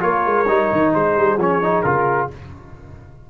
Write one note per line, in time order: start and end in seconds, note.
0.00 0.25 A#3
0.00 0.45 F4
0.00 0.92 A#4
0.00 0.93 C#5
0.25 0.48 G#3
0.48 0.71 G3
0.48 1.39 D#4
0.72 0.95 D#3
0.92 1.16 G#3
0.92 2.29 G#4
0.92 1.39 C5
1.16 1.37 G3
1.37 1.83 F3
1.37 1.62 C#4
1.37 1.82 C#5
1.62 1.85 D#4
1.82 2.30 C#3
1.82 2.30 F4
1.82 2.27 A#4